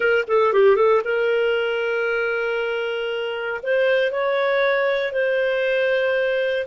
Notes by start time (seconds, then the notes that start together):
0.00 A#4
0.27 A4
0.53 G4
0.76 A4
1.04 A#4
3.62 C5
4.11 C#5
5.12 C5